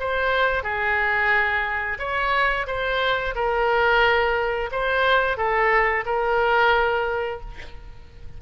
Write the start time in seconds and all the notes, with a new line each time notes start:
0.00 C5
0.63 G#4
1.99 C#5
2.67 C5
3.36 A#4
4.72 C5
5.37 A4
6.06 A#4